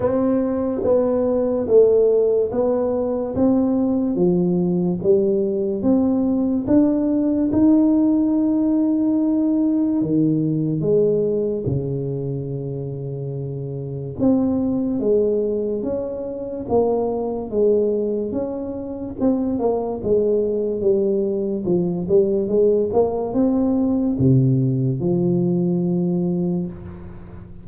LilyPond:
\new Staff \with { instrumentName = "tuba" } { \time 4/4 \tempo 4 = 72 c'4 b4 a4 b4 | c'4 f4 g4 c'4 | d'4 dis'2. | dis4 gis4 cis2~ |
cis4 c'4 gis4 cis'4 | ais4 gis4 cis'4 c'8 ais8 | gis4 g4 f8 g8 gis8 ais8 | c'4 c4 f2 | }